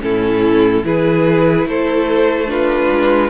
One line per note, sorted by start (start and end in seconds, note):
0.00 0.84 A2
0.00 0.82 C#4
0.00 0.86 E4
0.00 0.85 A4
0.84 1.66 E3
0.84 2.47 E4
0.84 1.68 G#4
0.84 1.68 B4
1.66 2.89 A3
1.66 2.50 A4
1.66 2.51 C5
2.47 3.29 D4
2.47 3.30 F4
2.47 3.30 B4
2.91 3.30 G#3